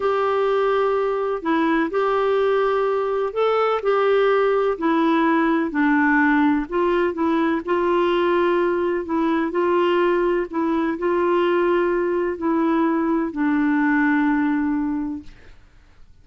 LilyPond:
\new Staff \with { instrumentName = "clarinet" } { \time 4/4 \tempo 4 = 126 g'2. e'4 | g'2. a'4 | g'2 e'2 | d'2 f'4 e'4 |
f'2. e'4 | f'2 e'4 f'4~ | f'2 e'2 | d'1 | }